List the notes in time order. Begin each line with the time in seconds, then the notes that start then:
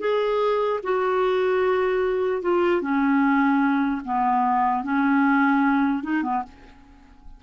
0.00 G#4
0.83 F#4
2.42 F4
2.81 C#4
4.04 B3
4.83 C#4
6.03 D#4
6.22 B3